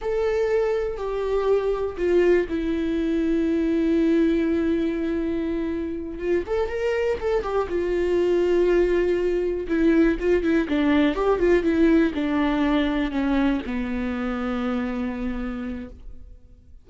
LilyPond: \new Staff \with { instrumentName = "viola" } { \time 4/4 \tempo 4 = 121 a'2 g'2 | f'4 e'2.~ | e'1~ | e'8 f'8 a'8 ais'4 a'8 g'8 f'8~ |
f'2.~ f'8 e'8~ | e'8 f'8 e'8 d'4 g'8 f'8 e'8~ | e'8 d'2 cis'4 b8~ | b1 | }